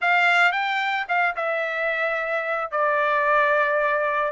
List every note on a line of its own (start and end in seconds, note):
0.01 0.51 F5
0.51 1.05 G5
1.08 1.35 F5
1.35 2.71 E5
2.71 4.32 D5